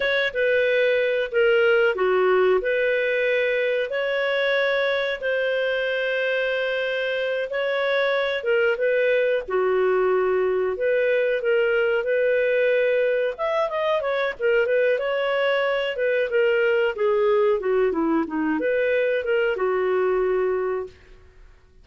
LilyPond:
\new Staff \with { instrumentName = "clarinet" } { \time 4/4 \tempo 4 = 92 cis''8 b'4. ais'4 fis'4 | b'2 cis''2 | c''2.~ c''8 cis''8~ | cis''4 ais'8 b'4 fis'4.~ |
fis'8 b'4 ais'4 b'4.~ | b'8 e''8 dis''8 cis''8 ais'8 b'8 cis''4~ | cis''8 b'8 ais'4 gis'4 fis'8 e'8 | dis'8 b'4 ais'8 fis'2 | }